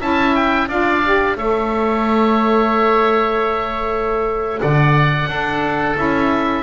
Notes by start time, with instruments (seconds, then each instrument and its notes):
0.00 double bass C#4, saxophone E4, oboe E5 A5
0.35 oboe G5
0.68 double bass D4, saxophone F4, oboe D5 F5
1.04 saxophone G4
1.37 double bass A3, saxophone A4, oboe C#5 E5
4.61 double bass D3, oboe D5 F#5
5.27 double bass D4, saxophone D4, oboe A4
5.96 double bass C#4, saxophone E4, oboe E5